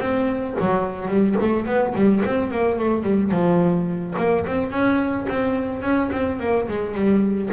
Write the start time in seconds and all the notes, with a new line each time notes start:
0.00 C4
0.61 F#3
1.08 G3
1.41 A3
1.66 B3
1.95 G3
2.26 C4
2.51 A#3
2.79 A3
3.04 G3
3.31 F3
4.18 A#3
4.47 C4
4.71 C#4
5.29 C4
5.82 C#4
6.12 C4
6.40 A#3
6.68 G#3
6.94 G3